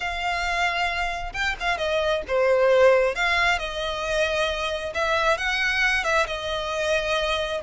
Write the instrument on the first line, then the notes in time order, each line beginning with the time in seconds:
violin
0.00 F5
1.33 G5
1.60 F5
1.77 D#5
2.27 C5
3.15 F5
3.58 D#5
4.94 E5
5.37 F#5
6.04 E5
6.26 D#5